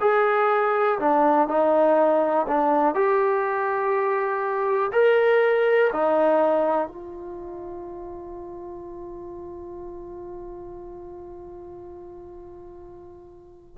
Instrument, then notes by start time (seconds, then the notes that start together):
trombone
0.00 G#4
0.99 D4
1.48 D#4
2.47 D4
2.94 G4
4.92 A#4
5.93 D#4
6.87 F4